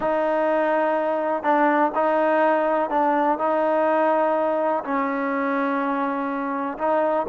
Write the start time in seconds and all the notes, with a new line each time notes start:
0.00 D#4
1.43 D4
1.94 D#4
2.90 D4
3.38 D#4
4.84 C#4
6.78 D#4